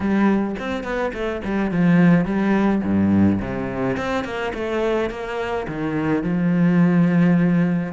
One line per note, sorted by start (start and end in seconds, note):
0.00 0.55 G3
0.59 0.83 C4
0.83 1.12 B3
1.13 1.42 A3
1.44 1.71 G3
1.71 2.25 F3
2.25 2.81 G3
2.83 3.40 G2
3.41 3.96 C3
3.96 4.24 C4
4.24 4.52 A#3
4.53 5.10 A3
5.10 5.66 A#3
5.67 6.23 D#3
6.23 7.92 F3